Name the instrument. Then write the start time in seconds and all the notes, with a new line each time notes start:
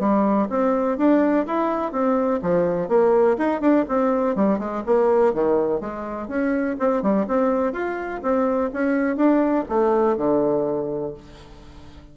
bassoon
0.00 G3
0.50 C4
0.98 D4
1.46 E4
1.92 C4
2.42 F3
2.89 A#3
3.38 D#4
3.61 D4
3.89 C4
4.35 G3
4.59 G#3
4.86 A#3
5.34 D#3
5.81 G#3
6.28 C#4
6.79 C4
7.02 G3
7.28 C4
7.73 F4
8.23 C4
8.73 C#4
9.16 D4
9.69 A3
10.17 D3